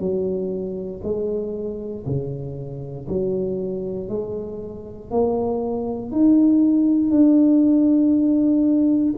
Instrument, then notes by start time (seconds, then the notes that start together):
tuba
0.00 F#3
1.04 G#3
2.07 C#3
3.09 F#3
4.10 G#3
5.11 A#3
6.12 D#4
7.11 D4